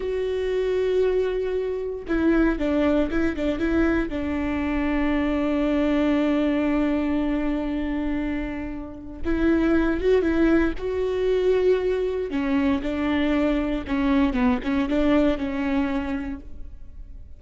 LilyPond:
\new Staff \with { instrumentName = "viola" } { \time 4/4 \tempo 4 = 117 fis'1 | e'4 d'4 e'8 d'8 e'4 | d'1~ | d'1~ |
d'2 e'4. fis'8 | e'4 fis'2. | cis'4 d'2 cis'4 | b8 cis'8 d'4 cis'2 | }